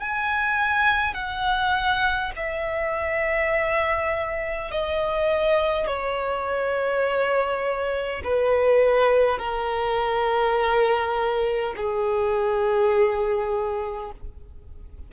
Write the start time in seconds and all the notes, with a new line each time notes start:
0.00 G#5
1.14 F#5
2.36 E5
4.71 D#5
5.87 C#5
8.24 B4
9.39 A#4
11.76 G#4